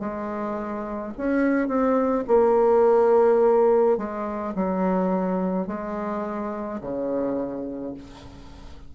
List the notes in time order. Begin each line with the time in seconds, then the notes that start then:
0.00 G#3
1.18 C#4
1.68 C4
2.28 A#3
3.98 G#3
4.55 F#3
5.68 G#3
6.81 C#3